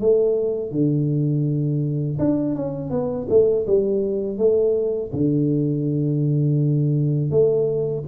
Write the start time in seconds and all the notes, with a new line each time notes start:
0.00 A3
0.72 D3
2.19 D4
2.55 C#4
2.90 B3
3.29 A3
3.67 G3
4.38 A3
5.12 D3
7.30 A3